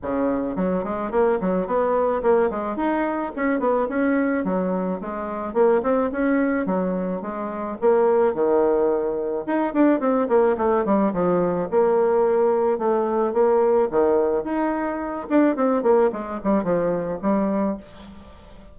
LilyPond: \new Staff \with { instrumentName = "bassoon" } { \time 4/4 \tempo 4 = 108 cis4 fis8 gis8 ais8 fis8 b4 | ais8 gis8 dis'4 cis'8 b8 cis'4 | fis4 gis4 ais8 c'8 cis'4 | fis4 gis4 ais4 dis4~ |
dis4 dis'8 d'8 c'8 ais8 a8 g8 | f4 ais2 a4 | ais4 dis4 dis'4. d'8 | c'8 ais8 gis8 g8 f4 g4 | }